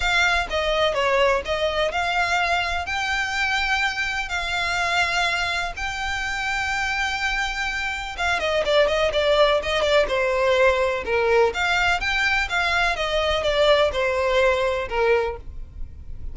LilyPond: \new Staff \with { instrumentName = "violin" } { \time 4/4 \tempo 4 = 125 f''4 dis''4 cis''4 dis''4 | f''2 g''2~ | g''4 f''2. | g''1~ |
g''4 f''8 dis''8 d''8 dis''8 d''4 | dis''8 d''8 c''2 ais'4 | f''4 g''4 f''4 dis''4 | d''4 c''2 ais'4 | }